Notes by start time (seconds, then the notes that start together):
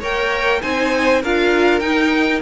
0.00 A#3 A#4 C#5 G5
0.61 C4 D#4 C5 G#5
1.22 D4 F4 A#4 F5
1.79 D#4 G5